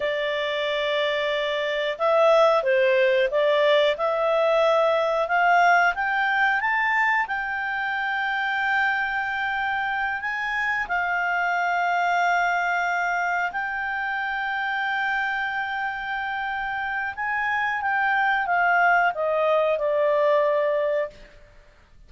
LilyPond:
\new Staff \with { instrumentName = "clarinet" } { \time 4/4 \tempo 4 = 91 d''2. e''4 | c''4 d''4 e''2 | f''4 g''4 a''4 g''4~ | g''2.~ g''8 gis''8~ |
gis''8 f''2.~ f''8~ | f''8 g''2.~ g''8~ | g''2 gis''4 g''4 | f''4 dis''4 d''2 | }